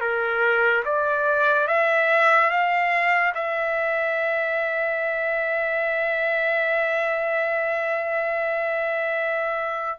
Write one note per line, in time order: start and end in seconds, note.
0.00 0.83 A#4
0.85 1.67 D5
1.67 2.50 E5
2.50 3.33 F5
3.34 9.98 E5